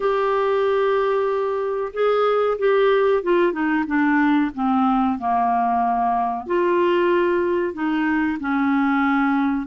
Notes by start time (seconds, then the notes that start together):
0.00 G4
1.93 G#4
2.58 G4
3.22 F4
3.52 D#4
3.87 D4
4.54 C4
5.18 A#3
6.46 F4
7.73 D#4
8.40 C#4